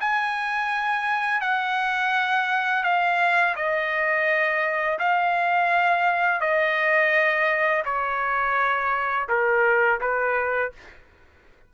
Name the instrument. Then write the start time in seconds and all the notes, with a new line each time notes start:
trumpet
0.00 G#5
1.41 F#5
2.83 F5
3.55 D#5
4.99 F5
6.40 D#5
7.84 C#5
9.28 A#4
10.00 B4